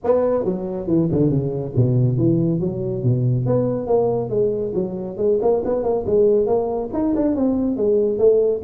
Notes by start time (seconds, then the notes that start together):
0.04 B3
0.44 F#3
0.87 E3
1.11 D3
1.29 C#3
1.75 B2
2.17 E3
2.60 F#3
3.03 B2
3.46 B3
3.87 A#3
4.29 G#3
4.74 F#3
5.17 G#3
5.41 A#3
5.64 B3
5.83 A#3
6.06 G#3
6.46 A#3
6.93 D#4
7.15 D4
7.35 C4
7.76 G#3
8.18 A3